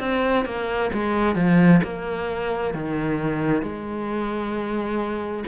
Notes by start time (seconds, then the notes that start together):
0.00 C4
0.45 A#3
0.93 G#3
1.36 F3
1.83 A#3
2.74 D#3
3.62 G#3